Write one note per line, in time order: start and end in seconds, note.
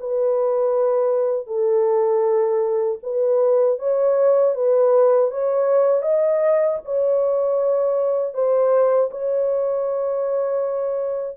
0.00 1.47 B4
1.47 2.99 A4
3.03 3.79 B4
3.79 4.55 C#5
4.55 5.31 B4
5.31 6.02 C#5
6.02 6.78 D#5
6.85 8.34 C#5
8.34 9.10 C5
9.11 11.37 C#5